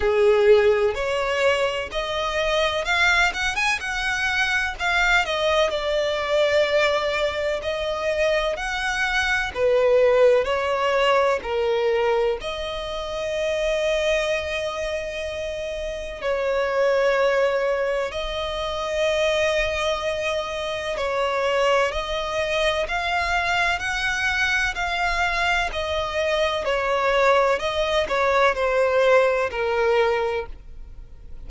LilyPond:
\new Staff \with { instrumentName = "violin" } { \time 4/4 \tempo 4 = 63 gis'4 cis''4 dis''4 f''8 fis''16 gis''16 | fis''4 f''8 dis''8 d''2 | dis''4 fis''4 b'4 cis''4 | ais'4 dis''2.~ |
dis''4 cis''2 dis''4~ | dis''2 cis''4 dis''4 | f''4 fis''4 f''4 dis''4 | cis''4 dis''8 cis''8 c''4 ais'4 | }